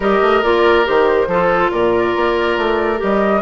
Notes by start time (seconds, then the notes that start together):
0.00 G3 G4 A#4 D#5
0.21 A3
0.43 A#3 F4 D5
0.84 D#3 G4 C5
1.27 F3 F4 A4
1.71 A#2 A#4 D5
2.15 A#3
2.57 A3
2.97 G3 G4
3.03 D#5